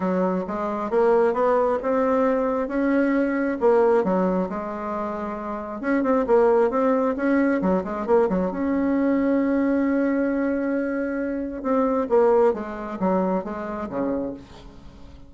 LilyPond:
\new Staff \with { instrumentName = "bassoon" } { \time 4/4 \tempo 4 = 134 fis4 gis4 ais4 b4 | c'2 cis'2 | ais4 fis4 gis2~ | gis4 cis'8 c'8 ais4 c'4 |
cis'4 fis8 gis8 ais8 fis8 cis'4~ | cis'1~ | cis'2 c'4 ais4 | gis4 fis4 gis4 cis4 | }